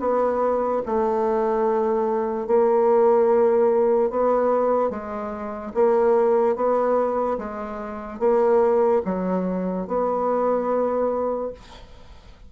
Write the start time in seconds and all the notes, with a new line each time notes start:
0.00 B3
0.86 A3
2.47 A#3
4.10 B3
4.90 G#3
5.74 A#3
6.56 B3
7.38 G#3
8.20 A#3
9.05 F#3
9.87 B3